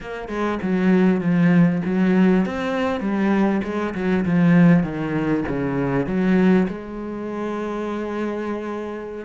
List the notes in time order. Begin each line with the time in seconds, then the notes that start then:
0.00 A#3
0.28 G#3
0.62 F#3
1.20 F3
1.85 F#3
2.45 C4
3.00 G3
3.63 G#3
3.94 F#3
4.25 F3
4.83 D#3
5.48 C#3
6.06 F#3
6.67 G#3